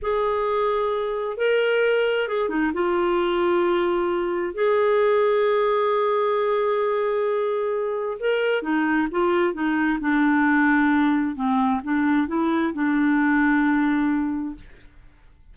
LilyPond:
\new Staff \with { instrumentName = "clarinet" } { \time 4/4 \tempo 4 = 132 gis'2. ais'4~ | ais'4 gis'8 dis'8 f'2~ | f'2 gis'2~ | gis'1~ |
gis'2 ais'4 dis'4 | f'4 dis'4 d'2~ | d'4 c'4 d'4 e'4 | d'1 | }